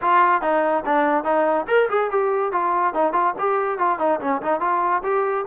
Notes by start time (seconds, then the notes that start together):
0.01 F4
0.41 D#4
0.85 D4
1.24 D#4
1.67 A#4
1.89 G#4
2.11 G4
2.52 F4
2.94 D#4
3.13 F4
3.38 G4
3.78 F4
3.99 D#4
4.20 C#4
4.42 D#4
4.60 F4
5.03 G4